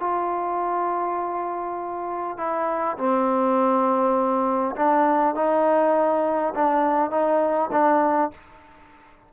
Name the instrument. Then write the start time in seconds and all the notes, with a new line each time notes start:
trombone
0.00 F4
2.38 E4
2.97 C4
4.76 D4
5.35 D#4
6.55 D4
7.11 D#4
7.72 D4